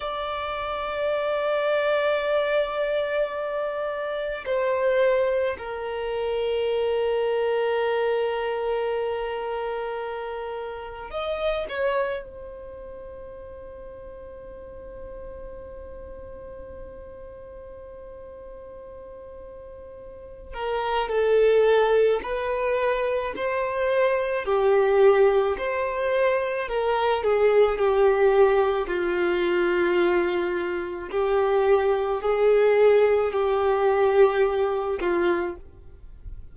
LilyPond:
\new Staff \with { instrumentName = "violin" } { \time 4/4 \tempo 4 = 54 d''1 | c''4 ais'2.~ | ais'2 dis''8 cis''8 c''4~ | c''1~ |
c''2~ c''8 ais'8 a'4 | b'4 c''4 g'4 c''4 | ais'8 gis'8 g'4 f'2 | g'4 gis'4 g'4. f'8 | }